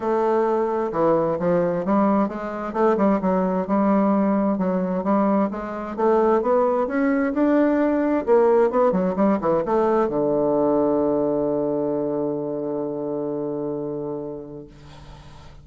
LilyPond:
\new Staff \with { instrumentName = "bassoon" } { \time 4/4 \tempo 4 = 131 a2 e4 f4 | g4 gis4 a8 g8 fis4 | g2 fis4 g4 | gis4 a4 b4 cis'4 |
d'2 ais4 b8 fis8 | g8 e8 a4 d2~ | d1~ | d1 | }